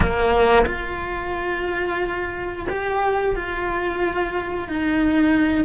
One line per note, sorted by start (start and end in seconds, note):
0.00 0.65 A#3
0.66 2.66 F4
2.69 3.35 G4
3.35 4.68 F4
4.68 5.64 D#4